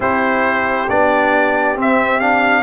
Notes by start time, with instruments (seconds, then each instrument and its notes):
0.00 tuba C4, trombone E4, horn G4, trumpet C5
0.88 tuba B3, trombone D4, trumpet D5
1.76 trombone C4, tuba C4, trumpet E5
2.19 trombone D4, trumpet F5